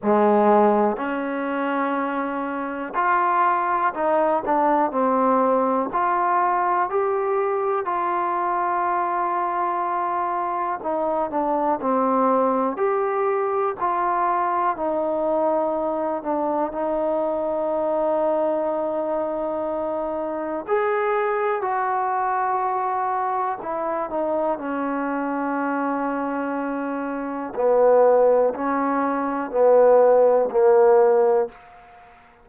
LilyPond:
\new Staff \with { instrumentName = "trombone" } { \time 4/4 \tempo 4 = 61 gis4 cis'2 f'4 | dis'8 d'8 c'4 f'4 g'4 | f'2. dis'8 d'8 | c'4 g'4 f'4 dis'4~ |
dis'8 d'8 dis'2.~ | dis'4 gis'4 fis'2 | e'8 dis'8 cis'2. | b4 cis'4 b4 ais4 | }